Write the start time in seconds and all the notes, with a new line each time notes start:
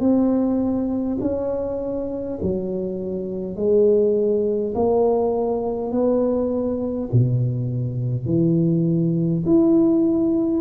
0.00 C4
1.21 C#4
2.42 F#3
3.56 G#3
4.74 A#3
5.91 B3
7.12 B2
8.25 E3
9.45 E4